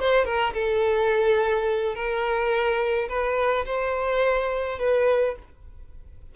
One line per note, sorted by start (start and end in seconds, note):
0.00 0.25 C5
0.25 0.53 A#4
0.54 1.95 A4
1.95 3.08 A#4
3.09 3.65 B4
3.66 4.79 C5
4.79 5.36 B4